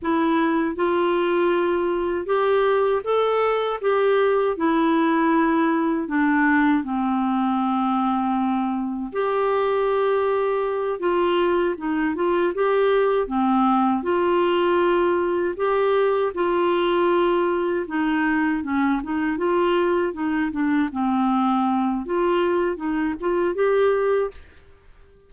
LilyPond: \new Staff \with { instrumentName = "clarinet" } { \time 4/4 \tempo 4 = 79 e'4 f'2 g'4 | a'4 g'4 e'2 | d'4 c'2. | g'2~ g'8 f'4 dis'8 |
f'8 g'4 c'4 f'4.~ | f'8 g'4 f'2 dis'8~ | dis'8 cis'8 dis'8 f'4 dis'8 d'8 c'8~ | c'4 f'4 dis'8 f'8 g'4 | }